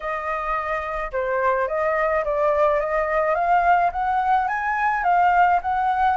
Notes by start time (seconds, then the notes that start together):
0.00 D#5
1.12 C5
1.67 D#5
2.24 D5
2.80 D#5
3.34 F5
3.92 F#5
4.47 G#5
5.03 F5
5.62 F#5